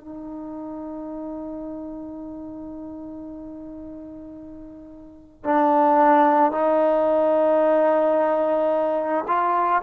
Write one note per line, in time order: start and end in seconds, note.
0.00 5.44 D#4
5.44 6.52 D4
6.52 9.24 D#4
9.27 9.82 F4